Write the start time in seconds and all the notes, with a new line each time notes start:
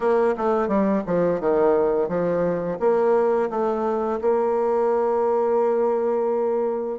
0.00 A#3
0.37 A3
0.68 G3
1.06 F3
1.40 D#3
2.08 F3
2.79 A#3
3.49 A3
4.21 A#3